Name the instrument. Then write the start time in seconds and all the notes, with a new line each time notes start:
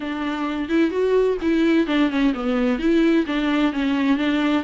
viola
0.00 D4
0.68 E4
0.90 F#4
1.41 E4
1.86 D4
2.10 C#4
2.34 B3
2.79 E4
3.26 D4
3.72 C#4
4.17 D4